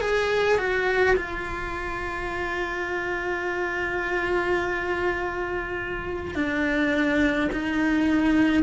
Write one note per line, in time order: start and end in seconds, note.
0.00 0.58 G#4
0.58 1.15 F#4
1.16 6.35 F4
6.35 7.50 D4
7.52 8.63 D#4